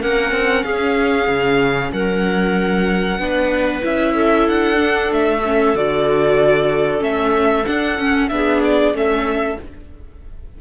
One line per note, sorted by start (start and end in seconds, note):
0.00 0.31 A#3
0.00 3.19 C#4
0.00 0.64 A#4
0.00 0.63 F#5
0.31 0.63 C4
0.63 1.27 C#4
0.63 1.91 G#4
0.63 1.91 F5
1.27 1.91 C#3
1.92 3.18 F#3
1.92 3.19 A#4
1.92 3.84 F#5
3.18 3.82 B3
3.18 3.81 D4
3.18 4.14 B4
3.81 4.48 C#4
3.81 4.76 E4
3.81 4.48 E5
4.14 8.29 A4
4.48 5.11 D4
4.48 5.12 F#5
4.76 5.40 D4
5.11 5.74 A3
5.11 5.76 E5
5.45 5.75 C#4
5.74 7.01 D3
5.74 6.99 F#4
5.74 7.03 D5
6.99 7.64 A3
6.99 7.63 C#4
6.99 7.66 E5
7.66 7.98 D4
7.66 8.28 F#5
7.98 8.30 C#4
8.28 8.92 B3
8.28 8.93 D4
8.28 8.95 G#4
8.28 8.60 E5
8.64 8.96 D5
8.92 9.56 A3
8.92 9.57 C#4
8.92 9.59 A4
8.92 9.61 E5